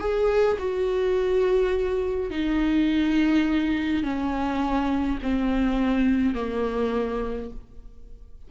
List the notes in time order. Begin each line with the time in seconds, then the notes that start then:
0.00 G#4
0.59 F#4
2.31 D#4
4.04 C#4
5.23 C4
6.35 A#3